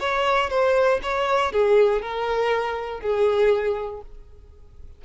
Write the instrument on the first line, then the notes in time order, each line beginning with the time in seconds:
violin
0.00 C#5
0.50 C5
1.02 C#5
1.52 G#4
2.02 A#4
3.01 G#4